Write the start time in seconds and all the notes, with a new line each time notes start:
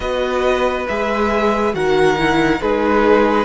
0.00 B3 F#4 B4 D#5
0.87 G#3 G#4 E5
1.73 D#3 F#4 A#4 F#5
2.17 E4
2.60 G#3 D#4 G#4 B4